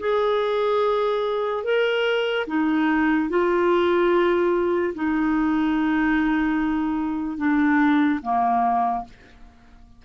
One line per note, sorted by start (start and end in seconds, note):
0.00 1.64 G#4
1.64 2.46 A#4
2.47 3.30 D#4
3.30 4.94 F4
4.95 7.37 D#4
7.37 8.20 D4
8.23 9.05 A#3